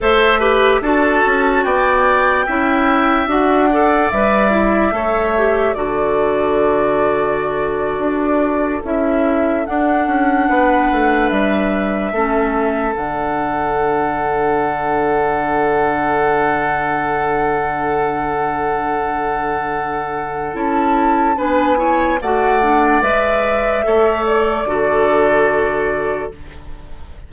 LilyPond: <<
  \new Staff \with { instrumentName = "flute" } { \time 4/4 \tempo 4 = 73 e''4 a''4 g''2 | fis''4 e''2 d''4~ | d''2~ d''8. e''4 fis''16~ | fis''4.~ fis''16 e''2 fis''16~ |
fis''1~ | fis''1~ | fis''4 a''4 gis''4 fis''4 | e''4. d''2~ d''8 | }
  \new Staff \with { instrumentName = "oboe" } { \time 4/4 c''8 b'8 a'4 d''4 e''4~ | e''8 d''4. cis''4 a'4~ | a'1~ | a'8. b'2 a'4~ a'16~ |
a'1~ | a'1~ | a'2 b'8 cis''8 d''4~ | d''4 cis''4 a'2 | }
  \new Staff \with { instrumentName = "clarinet" } { \time 4/4 a'8 g'8 fis'2 e'4 | fis'8 a'8 b'8 e'8 a'8 g'8 fis'4~ | fis'2~ fis'8. e'4 d'16~ | d'2~ d'8. cis'4 d'16~ |
d'1~ | d'1~ | d'4 e'4 d'8 e'8 fis'8 d'8 | b'4 a'4 fis'2 | }
  \new Staff \with { instrumentName = "bassoon" } { \time 4/4 a4 d'8 cis'8 b4 cis'4 | d'4 g4 a4 d4~ | d4.~ d16 d'4 cis'4 d'16~ | d'16 cis'8 b8 a8 g4 a4 d16~ |
d1~ | d1~ | d4 cis'4 b4 a4 | gis4 a4 d2 | }
>>